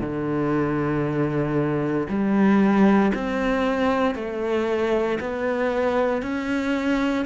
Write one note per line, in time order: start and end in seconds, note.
0.00 2.07 D3
2.08 3.12 G3
3.14 4.15 C4
4.15 5.18 A3
5.20 6.22 B3
6.22 7.25 C#4